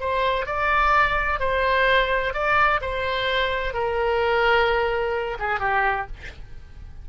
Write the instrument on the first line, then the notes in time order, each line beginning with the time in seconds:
oboe
0.00 C5
0.46 D5
1.40 C5
2.34 D5
2.81 C5
3.74 A#4
5.39 G#4
5.60 G4